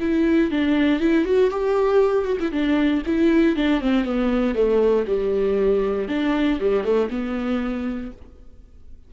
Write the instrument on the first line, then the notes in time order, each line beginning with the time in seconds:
viola
0.00 E4
0.50 D4
1.00 E4
1.25 F#4
1.50 G4
2.25 F#4
2.39 E4
2.51 D4
3.06 E4
3.56 D4
3.81 C4
4.04 B3
4.55 A3
5.07 G3
6.08 D4
6.60 G3
6.84 A3
7.10 B3